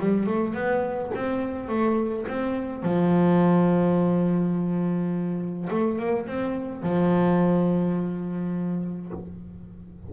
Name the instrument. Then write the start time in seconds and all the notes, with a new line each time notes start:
double bass
0.00 G3
0.27 A3
0.55 B3
1.15 C4
1.69 A3
2.28 C4
2.83 F3
5.70 A3
5.99 A#3
6.27 C4
6.83 F3